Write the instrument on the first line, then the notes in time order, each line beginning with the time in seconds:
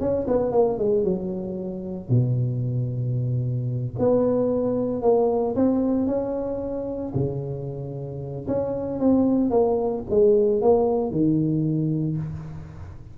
tuba
0.00 C#4
0.28 B3
0.52 A#3
0.78 G#3
1.04 F#3
2.09 B2
3.99 B3
5.02 A#3
5.56 C4
6.07 C#4
7.14 C#3
8.48 C#4
9.00 C4
9.50 A#3
10.10 G#3
10.61 A#3
11.11 D#3